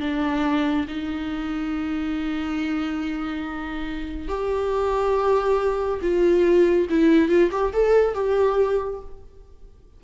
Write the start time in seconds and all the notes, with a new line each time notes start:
0.00 D4
0.87 D#4
4.28 G4
6.01 F4
6.90 E4
7.28 F4
7.51 G4
7.73 A4
8.14 G4